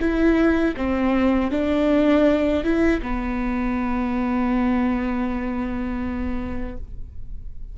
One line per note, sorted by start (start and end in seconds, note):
0.00 0.75 E4
0.77 1.51 C4
1.51 2.64 D4
2.64 3.01 E4
3.02 6.77 B3